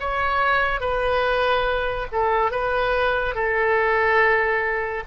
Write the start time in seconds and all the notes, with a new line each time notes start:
0.00 C#5
0.80 B4
2.12 A4
2.51 B4
3.35 A4